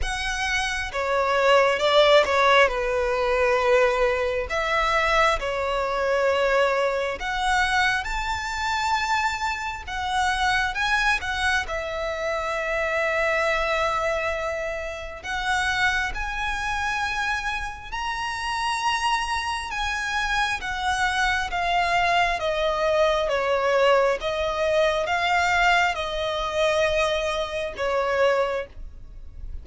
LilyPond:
\new Staff \with { instrumentName = "violin" } { \time 4/4 \tempo 4 = 67 fis''4 cis''4 d''8 cis''8 b'4~ | b'4 e''4 cis''2 | fis''4 a''2 fis''4 | gis''8 fis''8 e''2.~ |
e''4 fis''4 gis''2 | ais''2 gis''4 fis''4 | f''4 dis''4 cis''4 dis''4 | f''4 dis''2 cis''4 | }